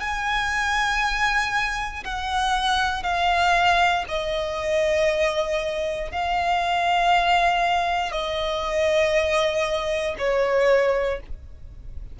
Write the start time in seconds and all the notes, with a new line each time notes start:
0.00 G#5
2.04 F#5
3.03 F5
4.08 D#5
6.11 F5
8.12 D#5
10.18 C#5